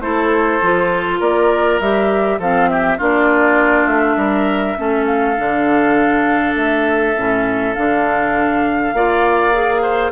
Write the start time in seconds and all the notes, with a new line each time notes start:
0.00 A3 E4 A4 C5
0.61 F3 F4
1.19 A#3 A#4 D5
1.79 G3 G4 E5
2.38 F3 C4 A4 F5
2.69 G4 E5
2.97 A#3 D4 F4 D5
3.86 A3 E5
4.16 G3 A#4
4.76 A3 C#4 A4
5.06 F5
5.37 D3 D4
6.55 A3 E5
7.15 A2 C#4
7.74 D3 D4 F5
8.93 A#3 F4 D5
9.52 G#4
9.82 C5